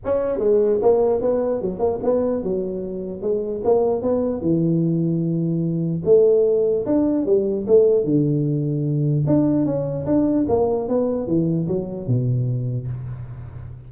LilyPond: \new Staff \with { instrumentName = "tuba" } { \time 4/4 \tempo 4 = 149 cis'4 gis4 ais4 b4 | fis8 ais8 b4 fis2 | gis4 ais4 b4 e4~ | e2. a4~ |
a4 d'4 g4 a4 | d2. d'4 | cis'4 d'4 ais4 b4 | e4 fis4 b,2 | }